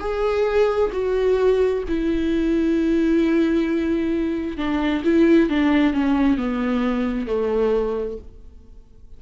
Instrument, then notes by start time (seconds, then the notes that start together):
viola
0.00 G#4
0.93 F#4
1.89 E4
4.58 D4
5.04 E4
5.50 D4
5.94 C#4
6.38 B3
7.27 A3